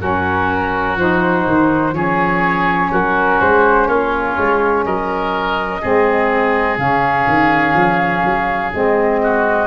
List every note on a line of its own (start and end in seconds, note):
0.00 0.97 F#3
0.00 0.97 C#4
0.00 1.95 F#4
0.00 0.98 A#4
0.97 1.45 F3
0.97 1.92 D#4
0.97 1.94 C5
1.47 1.93 D#3
1.92 2.90 F3
1.92 5.79 C#4
1.92 2.92 G#4
1.92 2.91 C#5
2.92 3.41 F#3
2.92 3.88 F#4
2.92 3.41 A#4
3.41 3.88 G#3
3.41 3.88 C5
3.88 4.36 A#3
3.88 4.85 F4
3.88 4.85 C#5
4.37 4.85 G#3
4.85 5.82 F#3
4.85 5.81 A#4
4.85 6.79 D#5
5.81 6.78 G#3
5.81 6.78 C4
5.81 9.20 G#4
6.78 7.26 C#3
6.78 8.72 C#4
6.78 8.73 F5
7.28 7.74 D#3
7.74 8.23 F3
8.25 8.73 F#3
8.72 9.68 G#3
8.72 9.68 C4
8.72 9.68 D#5
9.23 9.68 F#4